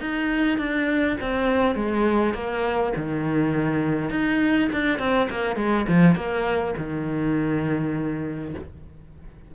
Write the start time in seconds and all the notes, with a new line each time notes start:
0.00 D#4
0.58 D4
1.20 C4
1.75 G#3
2.34 A#3
2.96 D#3
4.10 D#4
4.72 D4
4.99 C4
5.30 A#3
5.56 G#3
5.88 F3
6.15 A#3
6.77 D#3